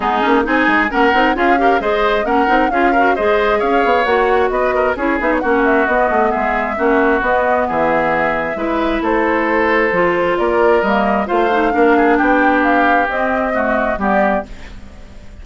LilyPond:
<<
  \new Staff \with { instrumentName = "flute" } { \time 4/4 \tempo 4 = 133 gis'4 gis''4 fis''4 f''4 | dis''4 fis''4 f''4 dis''4 | f''4 fis''4 dis''4 cis''8 e''16 cis''16 | fis''8 e''8 dis''4 e''2 |
dis''4 e''2. | c''2. d''4 | dis''4 f''2 g''4 | f''4 dis''2 d''4 | }
  \new Staff \with { instrumentName = "oboe" } { \time 4/4 dis'4 gis'4 ais'4 gis'8 ais'8 | c''4 ais'4 gis'8 ais'8 c''4 | cis''2 b'8 ais'8 gis'4 | fis'2 gis'4 fis'4~ |
fis'4 gis'2 b'4 | a'2. ais'4~ | ais'4 c''4 ais'8 gis'8 g'4~ | g'2 fis'4 g'4 | }
  \new Staff \with { instrumentName = "clarinet" } { \time 4/4 b8 cis'8 dis'4 cis'8 dis'8 f'8 g'8 | gis'4 cis'8 dis'8 f'8 fis'8 gis'4~ | gis'4 fis'2 e'8 dis'8 | cis'4 b2 cis'4 |
b2. e'4~ | e'2 f'2 | ais4 f'8 dis'8 d'2~ | d'4 c'4 a4 b4 | }
  \new Staff \with { instrumentName = "bassoon" } { \time 4/4 gis8 ais8 c'8 gis8 ais8 c'8 cis'4 | gis4 ais8 c'8 cis'4 gis4 | cis'8 b8 ais4 b4 cis'8 b8 | ais4 b8 a8 gis4 ais4 |
b4 e2 gis4 | a2 f4 ais4 | g4 a4 ais4 b4~ | b4 c'2 g4 | }
>>